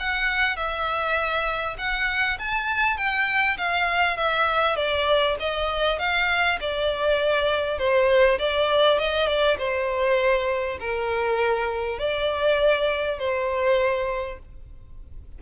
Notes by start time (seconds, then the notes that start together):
0.00 F#5
0.57 E5
1.78 F#5
2.39 A5
2.97 G5
3.58 F5
4.17 E5
4.76 D5
5.40 D#5
5.99 F5
6.61 D5
7.79 C5
8.39 D5
8.99 D#5
9.27 D5
9.59 C5
10.80 A#4
11.99 D5
13.19 C5